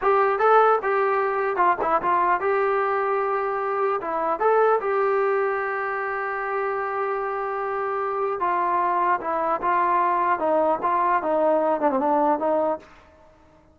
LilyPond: \new Staff \with { instrumentName = "trombone" } { \time 4/4 \tempo 4 = 150 g'4 a'4 g'2 | f'8 e'8 f'4 g'2~ | g'2 e'4 a'4 | g'1~ |
g'1~ | g'4 f'2 e'4 | f'2 dis'4 f'4 | dis'4. d'16 c'16 d'4 dis'4 | }